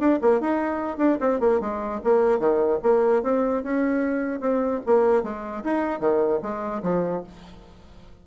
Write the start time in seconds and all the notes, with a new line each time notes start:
0.00 D4
0.22 A#3
0.41 D#4
0.98 D4
1.21 C4
1.41 A#3
1.61 G#3
2.04 A#3
2.39 D#3
2.83 A#3
3.23 C4
3.64 C#4
4.41 C4
4.87 A#3
5.24 G#3
5.64 D#4
6.00 D#3
6.43 G#3
6.83 F3